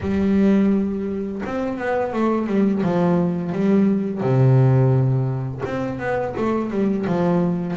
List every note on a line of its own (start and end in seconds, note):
0.00 1.41 G3
1.45 1.78 C4
1.78 2.13 B3
2.13 2.46 A3
2.46 2.82 G3
2.82 3.52 F3
3.52 4.21 G3
4.21 5.62 C3
5.65 5.99 C4
5.99 6.34 B3
6.37 6.70 A3
6.70 7.05 G3
7.06 7.76 F3